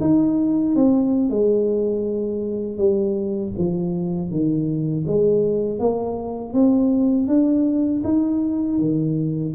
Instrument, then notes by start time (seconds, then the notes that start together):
tuba
0.00 D#4
0.75 C4
1.29 G#3
2.77 G3
3.57 F3
4.30 D#3
5.07 G#3
5.79 A#3
6.52 C4
7.27 D4
8.04 D#4
8.79 D#3